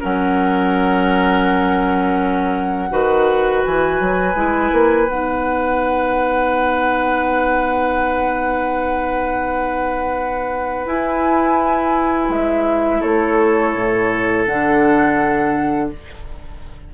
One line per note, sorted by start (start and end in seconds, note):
0.00 2.91 F#3
0.00 2.89 C#4
0.00 2.89 A#4
0.00 3.64 F#5
2.90 3.63 D#3
2.90 4.35 F#4
2.90 13.00 B4
3.64 4.00 E3
3.64 5.08 G#5
4.00 4.35 F#3
4.35 4.71 G#3
4.35 5.07 E4
4.72 5.08 A#3
5.07 10.86 B3
5.07 10.85 D#4
5.07 10.86 F#5
10.86 14.47 E4
10.86 12.29 E4
10.86 12.30 G#5
12.29 13.01 G#3
12.29 13.02 E5
13.00 13.75 A3
13.00 15.89 A4
13.00 14.45 C#5
13.75 14.46 A2
14.45 15.91 D3
14.45 15.94 D4
14.45 15.89 F#5